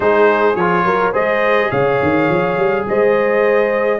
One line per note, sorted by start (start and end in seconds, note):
0.00 0.55 G#3
0.00 0.55 D#4
0.00 0.85 G#4
0.00 0.55 C5
0.55 0.84 F3
0.55 1.13 F4
0.55 1.12 C#5
0.84 1.13 F#3
0.84 1.12 A#4
1.12 1.71 G#3
1.12 3.99 G#4
1.12 1.69 C5
1.12 1.71 D#5
1.70 2.00 C#3
1.70 2.85 C#5
1.70 2.85 F5
2.02 2.29 D#3
2.29 2.57 F3
2.57 2.85 G3
2.88 3.99 G#3
2.88 3.99 C5
2.88 3.99 D#5